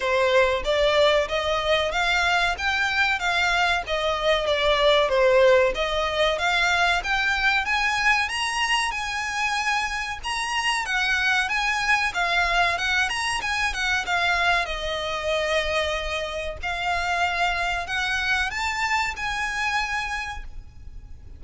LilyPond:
\new Staff \with { instrumentName = "violin" } { \time 4/4 \tempo 4 = 94 c''4 d''4 dis''4 f''4 | g''4 f''4 dis''4 d''4 | c''4 dis''4 f''4 g''4 | gis''4 ais''4 gis''2 |
ais''4 fis''4 gis''4 f''4 | fis''8 ais''8 gis''8 fis''8 f''4 dis''4~ | dis''2 f''2 | fis''4 a''4 gis''2 | }